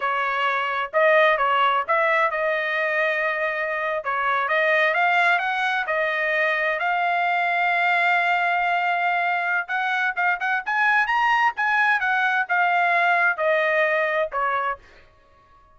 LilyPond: \new Staff \with { instrumentName = "trumpet" } { \time 4/4 \tempo 4 = 130 cis''2 dis''4 cis''4 | e''4 dis''2.~ | dis''8. cis''4 dis''4 f''4 fis''16~ | fis''8. dis''2 f''4~ f''16~ |
f''1~ | f''4 fis''4 f''8 fis''8 gis''4 | ais''4 gis''4 fis''4 f''4~ | f''4 dis''2 cis''4 | }